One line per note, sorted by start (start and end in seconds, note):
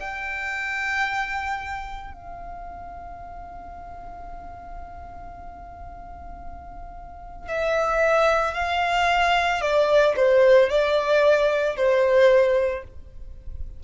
0.00 2.14 G5
2.14 7.48 F5
7.48 8.54 E5
8.54 9.61 F5
9.62 10.15 D5
10.17 10.70 C5
10.70 11.77 D5
11.77 12.84 C5